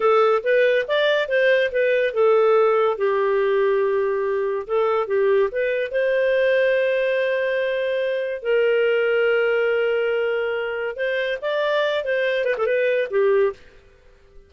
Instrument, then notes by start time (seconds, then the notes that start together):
clarinet
0.00 A4
0.43 B4
0.87 D5
1.28 C5
1.71 B4
2.13 A4
2.97 G4
4.67 A4
5.07 G4
5.51 B4
5.91 C5
8.42 A#4
10.96 C5
11.41 D5
12.04 C5
12.44 B4
12.57 A4
12.65 B4
13.10 G4